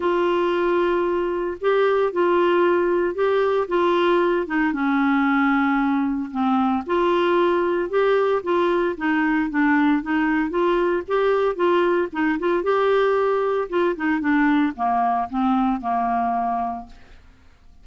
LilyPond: \new Staff \with { instrumentName = "clarinet" } { \time 4/4 \tempo 4 = 114 f'2. g'4 | f'2 g'4 f'4~ | f'8 dis'8 cis'2. | c'4 f'2 g'4 |
f'4 dis'4 d'4 dis'4 | f'4 g'4 f'4 dis'8 f'8 | g'2 f'8 dis'8 d'4 | ais4 c'4 ais2 | }